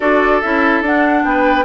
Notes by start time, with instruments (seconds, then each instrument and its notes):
0.00 bassoon D4, clarinet F#4, oboe A4, flute D5
0.41 bassoon C#4, clarinet E4, flute E5
0.81 bassoon D4, clarinet D4, flute F#5
1.23 bassoon B3, oboe B4, flute G5